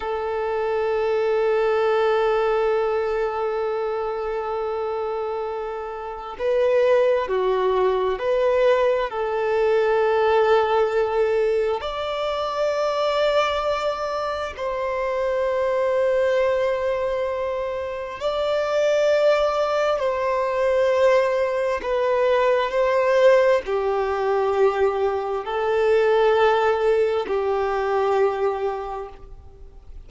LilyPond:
\new Staff \with { instrumentName = "violin" } { \time 4/4 \tempo 4 = 66 a'1~ | a'2. b'4 | fis'4 b'4 a'2~ | a'4 d''2. |
c''1 | d''2 c''2 | b'4 c''4 g'2 | a'2 g'2 | }